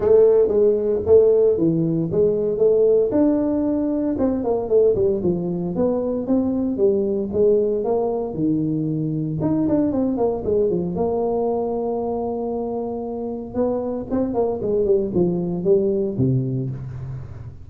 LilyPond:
\new Staff \with { instrumentName = "tuba" } { \time 4/4 \tempo 4 = 115 a4 gis4 a4 e4 | gis4 a4 d'2 | c'8 ais8 a8 g8 f4 b4 | c'4 g4 gis4 ais4 |
dis2 dis'8 d'8 c'8 ais8 | gis8 f8 ais2.~ | ais2 b4 c'8 ais8 | gis8 g8 f4 g4 c4 | }